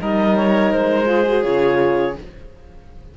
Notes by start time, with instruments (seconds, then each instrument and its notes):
0.00 cello G3, horn D#4, violin A#4, clarinet D#5
0.36 clarinet C#5
0.72 cello G#3, clarinet C5
1.06 horn F4, violin G#4
1.29 horn F#4
1.42 cello C#3, horn F4, clarinet C#5